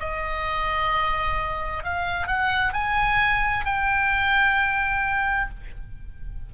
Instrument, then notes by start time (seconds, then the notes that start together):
oboe
0.00 D#5
1.84 F5
2.27 F#5
2.74 G#5
3.65 G5